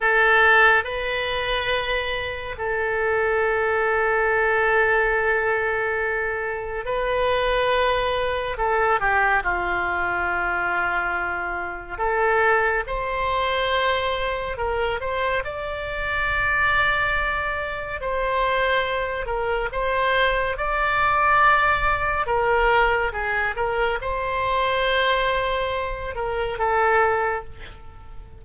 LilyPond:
\new Staff \with { instrumentName = "oboe" } { \time 4/4 \tempo 4 = 70 a'4 b'2 a'4~ | a'1 | b'2 a'8 g'8 f'4~ | f'2 a'4 c''4~ |
c''4 ais'8 c''8 d''2~ | d''4 c''4. ais'8 c''4 | d''2 ais'4 gis'8 ais'8 | c''2~ c''8 ais'8 a'4 | }